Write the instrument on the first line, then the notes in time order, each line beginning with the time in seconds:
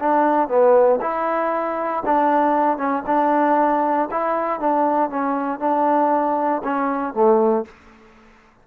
trombone
0.00 D4
0.49 B3
1.01 E4
2.06 D4
2.78 C#4
3.07 D4
4.12 E4
4.60 D4
5.10 C#4
5.60 D4
6.64 C#4
7.14 A3